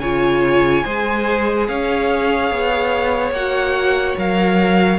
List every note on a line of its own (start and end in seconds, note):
0.00 0.83 C#3
0.00 0.85 F4
0.00 0.85 C#5
0.00 1.67 G#5
0.85 1.69 G#3
0.85 3.35 G#4
0.85 1.68 C5
1.68 2.51 C#4
1.68 4.99 C#5
1.68 3.33 F5
2.51 3.31 B3
3.31 4.15 A#3
3.31 4.19 F#4
3.31 4.16 F#5
4.18 4.99 F#3
4.18 4.99 A#4
4.18 4.99 F5